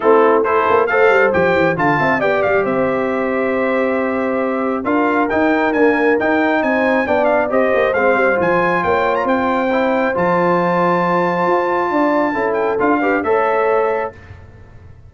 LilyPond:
<<
  \new Staff \with { instrumentName = "trumpet" } { \time 4/4 \tempo 4 = 136 a'4 c''4 f''4 g''4 | a''4 g''8 f''8 e''2~ | e''2. f''4 | g''4 gis''4 g''4 gis''4 |
g''8 f''8 dis''4 f''4 gis''4 | g''8. ais''16 g''2 a''4~ | a''1~ | a''8 g''8 f''4 e''2 | }
  \new Staff \with { instrumentName = "horn" } { \time 4/4 e'4 a'4 c''2 | f''8 e''8 d''4 c''2~ | c''2. ais'4~ | ais'2. c''4 |
d''4 c''2. | cis''4 c''2.~ | c''2. d''4 | a'4. b'8 cis''2 | }
  \new Staff \with { instrumentName = "trombone" } { \time 4/4 c'4 e'4 a'4 g'4 | f'4 g'2.~ | g'2. f'4 | dis'4 ais4 dis'2 |
d'4 g'4 c'4 f'4~ | f'2 e'4 f'4~ | f'1 | e'4 f'8 g'8 a'2 | }
  \new Staff \with { instrumentName = "tuba" } { \time 4/4 a4. ais8 a8 g8 f8 e8 | d8 c'8 b8 g8 c'2~ | c'2. d'4 | dis'4 d'4 dis'4 c'4 |
b4 c'8 ais8 gis8 g8 f4 | ais4 c'2 f4~ | f2 f'4 d'4 | cis'4 d'4 a2 | }
>>